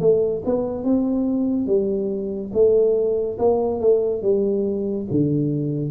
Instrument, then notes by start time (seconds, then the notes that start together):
tuba
0.00 A3
0.45 B3
0.84 C4
1.66 G3
2.53 A3
3.38 A#3
3.80 A3
4.22 G3
5.11 D3